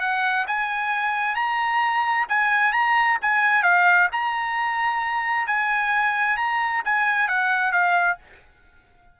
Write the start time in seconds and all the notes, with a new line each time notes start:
0.00 F#5
0.47 G#5
1.35 A#5
2.29 G#5
2.72 A#5
3.21 G#5
3.63 F5
4.12 A#5
5.47 G#5
6.37 A#5
6.85 G#5
7.28 F#5
7.72 F5